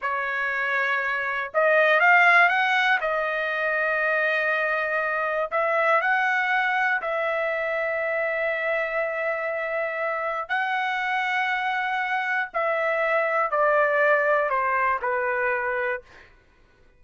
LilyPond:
\new Staff \with { instrumentName = "trumpet" } { \time 4/4 \tempo 4 = 120 cis''2. dis''4 | f''4 fis''4 dis''2~ | dis''2. e''4 | fis''2 e''2~ |
e''1~ | e''4 fis''2.~ | fis''4 e''2 d''4~ | d''4 c''4 b'2 | }